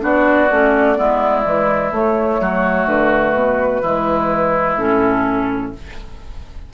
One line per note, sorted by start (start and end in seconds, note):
0.00 0.50 B3
0.00 0.48 D4
0.00 0.98 F#4
0.00 1.92 D5
0.50 0.98 A3
0.50 0.95 C#4
0.95 1.45 G#3
0.95 1.42 B3
0.95 2.41 E4
1.42 1.91 E3
1.42 1.90 G#3
1.91 2.39 A3
1.91 3.83 A3
1.91 2.88 C#5
2.40 2.86 F#3
2.40 3.81 F#4
2.86 3.34 D3
2.86 4.77 B4
3.34 3.81 B2
3.81 4.78 E3
3.81 4.78 G#3
3.81 5.72 E4
4.77 5.73 A2
4.77 5.73 C#4
4.77 5.72 A4